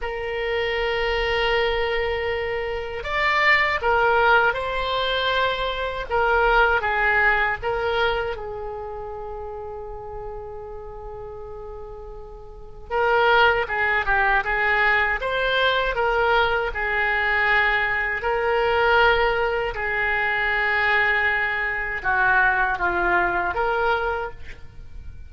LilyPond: \new Staff \with { instrumentName = "oboe" } { \time 4/4 \tempo 4 = 79 ais'1 | d''4 ais'4 c''2 | ais'4 gis'4 ais'4 gis'4~ | gis'1~ |
gis'4 ais'4 gis'8 g'8 gis'4 | c''4 ais'4 gis'2 | ais'2 gis'2~ | gis'4 fis'4 f'4 ais'4 | }